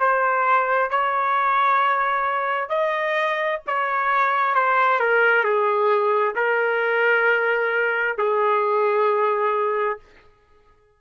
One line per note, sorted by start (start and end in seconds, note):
0.00 0.91 C5
0.91 2.70 C#5
2.70 3.61 D#5
3.67 4.55 C#5
4.55 5.00 C5
5.00 5.45 A#4
5.45 6.36 G#4
6.36 8.18 A#4
8.18 10.00 G#4